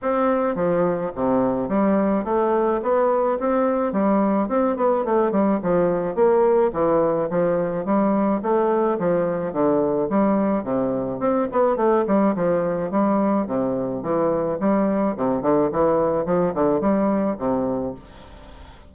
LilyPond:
\new Staff \with { instrumentName = "bassoon" } { \time 4/4 \tempo 4 = 107 c'4 f4 c4 g4 | a4 b4 c'4 g4 | c'8 b8 a8 g8 f4 ais4 | e4 f4 g4 a4 |
f4 d4 g4 c4 | c'8 b8 a8 g8 f4 g4 | c4 e4 g4 c8 d8 | e4 f8 d8 g4 c4 | }